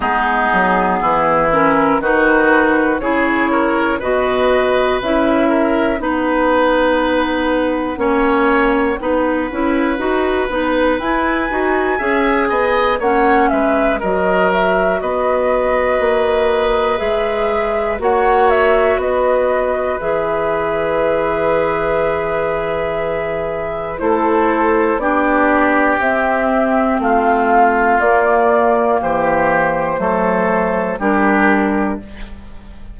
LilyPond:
<<
  \new Staff \with { instrumentName = "flute" } { \time 4/4 \tempo 4 = 60 gis'4. ais'8 b'4 cis''4 | dis''4 e''4 fis''2~ | fis''2. gis''4~ | gis''4 fis''8 e''8 dis''8 e''8 dis''4~ |
dis''4 e''4 fis''8 e''8 dis''4 | e''1 | c''4 d''4 e''4 f''4 | d''4 c''2 ais'4 | }
  \new Staff \with { instrumentName = "oboe" } { \time 4/4 dis'4 e'4 fis'4 gis'8 ais'8 | b'4. ais'8 b'2 | cis''4 b'2. | e''8 dis''8 cis''8 b'8 ais'4 b'4~ |
b'2 cis''4 b'4~ | b'1 | a'4 g'2 f'4~ | f'4 g'4 a'4 g'4 | }
  \new Staff \with { instrumentName = "clarinet" } { \time 4/4 b4. cis'8 dis'4 e'4 | fis'4 e'4 dis'2 | cis'4 dis'8 e'8 fis'8 dis'8 e'8 fis'8 | gis'4 cis'4 fis'2~ |
fis'4 gis'4 fis'2 | gis'1 | e'4 d'4 c'2 | ais2 a4 d'4 | }
  \new Staff \with { instrumentName = "bassoon" } { \time 4/4 gis8 fis8 e4 dis4 cis4 | b,4 cis'4 b2 | ais4 b8 cis'8 dis'8 b8 e'8 dis'8 | cis'8 b8 ais8 gis8 fis4 b4 |
ais4 gis4 ais4 b4 | e1 | a4 b4 c'4 a4 | ais4 e4 fis4 g4 | }
>>